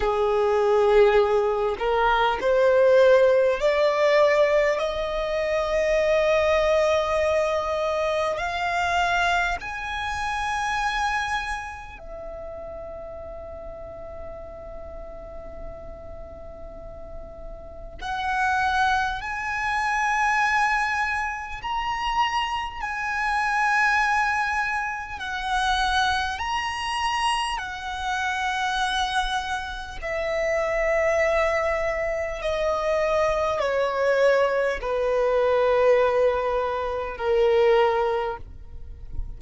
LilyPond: \new Staff \with { instrumentName = "violin" } { \time 4/4 \tempo 4 = 50 gis'4. ais'8 c''4 d''4 | dis''2. f''4 | gis''2 e''2~ | e''2. fis''4 |
gis''2 ais''4 gis''4~ | gis''4 fis''4 ais''4 fis''4~ | fis''4 e''2 dis''4 | cis''4 b'2 ais'4 | }